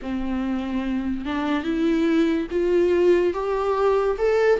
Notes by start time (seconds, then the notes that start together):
0.02 C4
1.25 D4
1.63 E4
2.50 F4
3.33 G4
4.18 A4